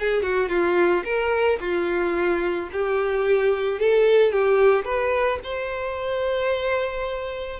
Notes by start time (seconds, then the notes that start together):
0.00 G#4
0.23 F#4
0.49 F4
1.05 A#4
1.60 F4
2.73 G4
3.80 A4
4.32 G4
4.85 B4
5.44 C5